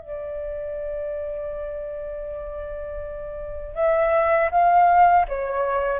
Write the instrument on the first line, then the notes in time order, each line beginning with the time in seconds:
flute
0.00 D5
3.75 E5
4.50 F5
5.28 C#5